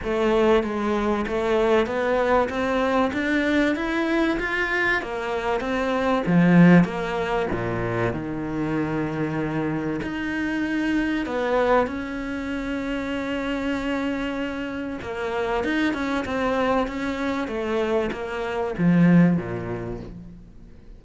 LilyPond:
\new Staff \with { instrumentName = "cello" } { \time 4/4 \tempo 4 = 96 a4 gis4 a4 b4 | c'4 d'4 e'4 f'4 | ais4 c'4 f4 ais4 | ais,4 dis2. |
dis'2 b4 cis'4~ | cis'1 | ais4 dis'8 cis'8 c'4 cis'4 | a4 ais4 f4 ais,4 | }